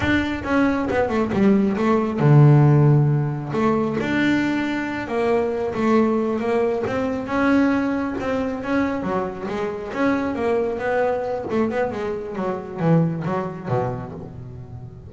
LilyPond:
\new Staff \with { instrumentName = "double bass" } { \time 4/4 \tempo 4 = 136 d'4 cis'4 b8 a8 g4 | a4 d2. | a4 d'2~ d'8 ais8~ | ais4 a4. ais4 c'8~ |
c'8 cis'2 c'4 cis'8~ | cis'8 fis4 gis4 cis'4 ais8~ | ais8 b4. a8 b8 gis4 | fis4 e4 fis4 b,4 | }